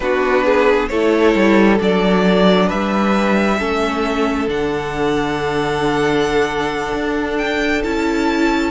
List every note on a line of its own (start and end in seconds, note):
0.00 0.90 B3
0.00 0.90 D4
0.00 0.44 F#4
0.00 0.88 B4
0.44 0.89 G#4
0.88 1.35 A3
0.88 1.78 E4
0.88 2.67 A4
0.88 1.77 C#5
1.35 1.79 G3
1.78 2.70 F#3
1.78 3.57 D4
1.78 2.69 D5
2.67 3.60 G3
2.67 3.57 B4
2.67 4.48 E5
3.58 4.47 A3
3.58 4.48 C#4
3.58 8.71 A4
4.47 6.93 D3
4.47 7.83 D4
4.47 7.37 F#5
6.93 7.83 D4
7.37 7.82 G5
7.83 8.71 C#4
7.83 8.71 E4
7.83 8.71 A5